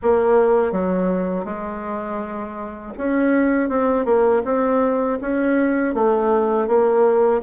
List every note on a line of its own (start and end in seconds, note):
0.02 0.72 A#3
0.72 1.44 F#3
1.44 2.93 G#3
2.97 3.69 C#4
3.69 4.05 C4
4.05 4.42 A#3
4.44 5.19 C4
5.21 5.94 C#4
5.94 6.67 A3
6.67 7.41 A#3